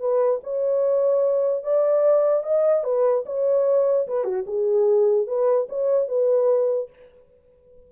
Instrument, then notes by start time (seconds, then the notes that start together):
horn
0.00 B4
0.44 C#5
1.64 D5
2.44 D#5
2.84 B4
3.26 C#5
4.08 B4
4.25 F#4
4.47 G#4
5.27 B4
5.69 C#5
6.09 B4